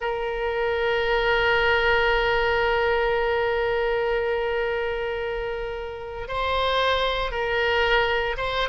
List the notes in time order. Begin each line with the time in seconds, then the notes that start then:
0.01 A#4
6.28 C5
7.31 A#4
8.37 C5